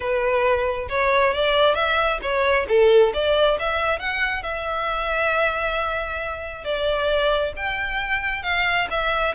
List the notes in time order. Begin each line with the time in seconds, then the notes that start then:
0.00 B4
0.89 C#5
1.33 D5
1.75 E5
2.21 C#5
2.68 A4
3.13 D5
3.59 E5
3.99 F#5
4.42 E5
6.64 D5
7.56 G5
8.43 F5
8.90 E5